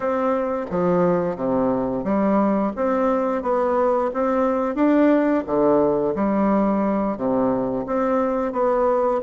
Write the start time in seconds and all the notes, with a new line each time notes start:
0.00 C4
0.70 F3
1.35 C3
2.04 G3
2.76 C4
3.42 B3
4.13 C4
4.75 D4
5.46 D3
6.15 G3
7.17 C3
7.86 C4
8.52 B3